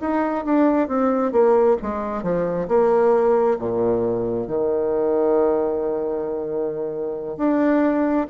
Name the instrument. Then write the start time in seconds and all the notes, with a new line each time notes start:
bassoon
0.00 D#4
0.44 D4
0.88 C4
1.31 A#3
1.82 G#3
2.23 F3
2.68 A#3
3.58 A#2
4.47 D#3
7.37 D4